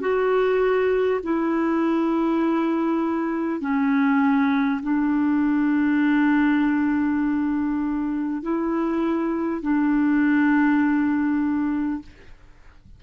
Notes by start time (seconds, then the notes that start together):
0.00 F#4
1.23 E4
3.61 C#4
4.82 D4
8.42 E4
9.62 D4